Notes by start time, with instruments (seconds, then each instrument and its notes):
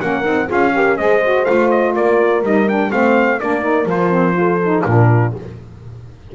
0.00 double bass A#3, saxophone C#4, horn A#4, trumpet F#5
0.23 double bass C4, saxophone D#4
0.47 double bass C#4, saxophone F4, horn G#4, trumpet F5
0.73 saxophone G4, horn A#4
0.97 double bass G#3, saxophone G#4, horn C5, trumpet D#5
1.24 saxophone F#4
1.45 double bass A3, saxophone F4, trumpet F5
1.70 trumpet D#5
1.94 double bass A#3, horn A#4, trumpet D5
2.42 double bass G3, saxophone D#4, trumpet D#5
2.69 saxophone D4, trumpet G5
2.91 double bass A3, saxophone C4, horn C5, trumpet F5
3.40 double bass A#3, saxophone D4, horn A#4, trumpet D5
3.61 saxophone D#4
3.86 double bass F3, saxophone F4, trumpet C5
4.10 saxophone C4
4.34 saxophone F4, horn A4
4.63 saxophone D#4
4.84 double bass A#2, saxophone D4, horn F4, trumpet A#4